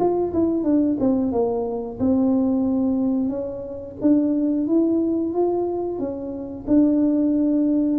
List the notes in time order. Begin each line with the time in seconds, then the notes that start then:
0.00 F4
0.33 E4
0.64 D4
1.00 C4
1.32 A#3
2.00 C4
3.29 C#4
4.02 D4
4.68 E4
5.34 F4
5.99 C#4
6.67 D4